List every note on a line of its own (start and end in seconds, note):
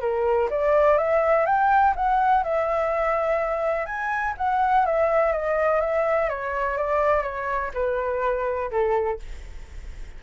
0.00 0.48 A#4
0.50 0.97 D5
0.97 1.45 E5
1.45 1.94 G5
1.95 2.43 F#5
2.43 3.85 E5
3.85 4.34 G#5
4.37 4.85 F#5
4.85 5.32 E5
5.32 5.80 D#5
5.80 6.28 E5
6.28 6.77 C#5
6.77 7.22 D5
7.22 7.70 C#5
7.73 8.70 B4
8.71 9.19 A4